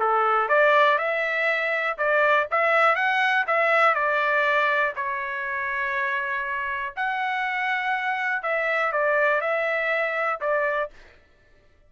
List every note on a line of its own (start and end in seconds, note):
0.00 0.49 A4
0.49 0.99 D5
0.99 1.98 E5
1.98 2.48 D5
2.52 2.96 E5
2.96 3.46 F#5
3.48 3.95 E5
3.95 4.94 D5
4.96 6.94 C#5
6.97 8.43 F#5
8.43 8.93 E5
8.93 9.42 D5
9.42 10.41 E5
10.41 10.91 D5